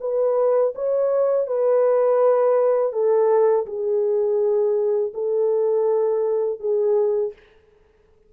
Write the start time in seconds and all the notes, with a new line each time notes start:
0.00 B4
0.75 C#5
1.47 B4
2.93 A4
3.66 G#4
5.14 A4
6.60 G#4